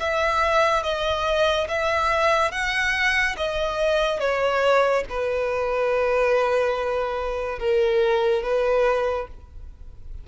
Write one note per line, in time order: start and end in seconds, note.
0.00 0.83 E5
0.83 1.67 D#5
1.68 2.52 E5
2.52 3.36 F#5
3.37 4.20 D#5
4.20 5.04 C#5
5.09 7.59 B4
7.59 8.43 A#4
8.43 9.28 B4